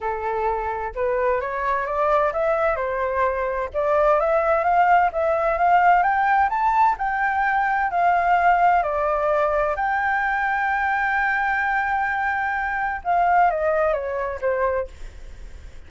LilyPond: \new Staff \with { instrumentName = "flute" } { \time 4/4 \tempo 4 = 129 a'2 b'4 cis''4 | d''4 e''4 c''2 | d''4 e''4 f''4 e''4 | f''4 g''4 a''4 g''4~ |
g''4 f''2 d''4~ | d''4 g''2.~ | g''1 | f''4 dis''4 cis''4 c''4 | }